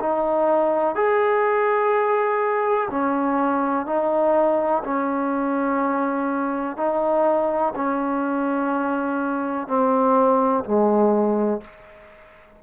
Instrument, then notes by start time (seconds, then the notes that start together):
trombone
0.00 D#4
0.95 G#4
2.90 C#4
3.86 D#4
4.84 C#4
6.77 D#4
7.75 C#4
9.68 C4
10.65 G#3